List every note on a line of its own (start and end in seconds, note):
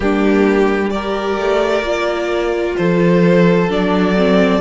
0.00 1.37 G3
0.00 0.91 A#3
0.00 0.92 D4
0.00 0.90 G4
0.90 1.83 G4
0.90 2.77 A#4
0.90 2.75 D5
1.37 1.82 A3
1.82 2.74 A#3
1.82 3.68 F4
2.77 3.69 F3
2.77 4.60 A4
2.77 3.69 C5
3.68 4.60 F#3
3.68 4.15 D4
3.68 4.60 D5
4.17 4.60 C4